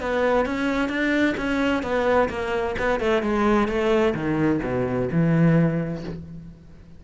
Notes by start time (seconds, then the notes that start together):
0.00 B3
0.45 C#4
0.88 D4
1.37 C#4
1.82 B3
2.29 A#3
2.78 B3
2.99 A3
3.22 G#3
3.68 A3
4.14 D#3
4.62 B2
5.11 E3